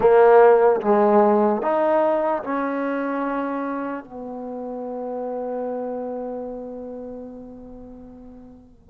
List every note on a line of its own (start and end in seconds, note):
0.00 0.80 A#3
0.81 1.61 G#3
1.61 2.43 D#4
2.43 4.04 C#4
4.04 8.90 B3